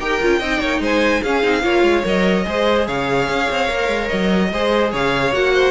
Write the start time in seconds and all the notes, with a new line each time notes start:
0.00 D#4 G4 A#4 G5
0.21 C#4 F4
0.40 C4 D#4 D#5
0.61 A#3 C#5
0.80 G#3 C5 G#5
1.22 C#4 G#4 F5
1.43 C4 D#4
1.62 A#3 F4 C#5
1.83 G#3
2.04 F#3 A#4 D#5
2.45 G#3 G#4 C5
2.87 C#3 C#5 F5
3.29 C#4
3.51 C4
3.68 A#3 A#4
3.89 G#3
4.09 F#3 D#5
4.52 G#3 G#4 C5
4.92 C#3 C#5 F5
5.33 A#3 F#4 F#5
5.54 C5